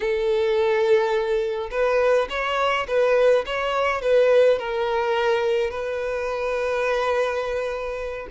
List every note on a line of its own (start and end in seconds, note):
0.00 1.69 A4
1.70 2.28 B4
2.29 2.86 C#5
2.87 3.44 B4
3.45 4.01 C#5
4.01 4.58 B4
4.59 5.70 A#4
5.70 8.27 B4